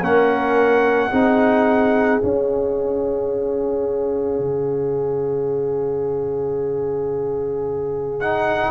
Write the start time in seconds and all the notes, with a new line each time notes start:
0.00 A#3 C#4 A#4 F#5
1.10 C4 D#4 G#4
2.20 C#4 F5
4.39 C#3
8.20 D#4 F#5